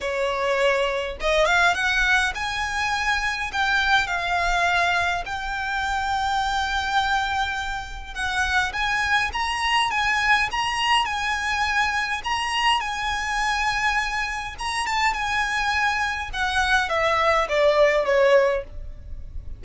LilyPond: \new Staff \with { instrumentName = "violin" } { \time 4/4 \tempo 4 = 103 cis''2 dis''8 f''8 fis''4 | gis''2 g''4 f''4~ | f''4 g''2.~ | g''2 fis''4 gis''4 |
ais''4 gis''4 ais''4 gis''4~ | gis''4 ais''4 gis''2~ | gis''4 ais''8 a''8 gis''2 | fis''4 e''4 d''4 cis''4 | }